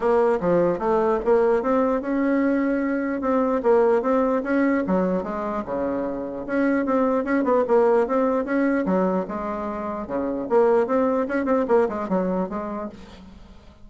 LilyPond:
\new Staff \with { instrumentName = "bassoon" } { \time 4/4 \tempo 4 = 149 ais4 f4 a4 ais4 | c'4 cis'2. | c'4 ais4 c'4 cis'4 | fis4 gis4 cis2 |
cis'4 c'4 cis'8 b8 ais4 | c'4 cis'4 fis4 gis4~ | gis4 cis4 ais4 c'4 | cis'8 c'8 ais8 gis8 fis4 gis4 | }